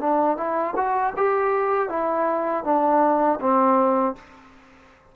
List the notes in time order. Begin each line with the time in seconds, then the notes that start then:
0.00 D4
0.36 E4
0.76 F#4
1.16 G4
1.89 E4
2.64 D4
3.40 C4